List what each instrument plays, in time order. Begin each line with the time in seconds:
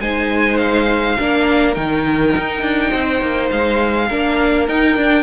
0.00 cello G#3, viola D#4, violin C5 G#5
0.57 violin F5
1.18 cello A#3, viola D4, violin A#4
1.74 cello D#3, viola D#4, violin G5
2.36 cello D#4
2.62 cello D4
2.90 cello C4, violin C5
3.21 cello A#3
3.51 cello G#3, violin F5
4.08 cello A#3, viola D4, violin A#4
4.68 viola D#4, cello D#4, violin G5
4.96 cello D4, viola D4